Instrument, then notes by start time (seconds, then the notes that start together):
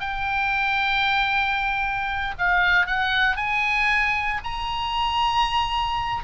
oboe
0.00 G5
2.38 F5
2.86 F#5
3.37 G#5
4.44 A#5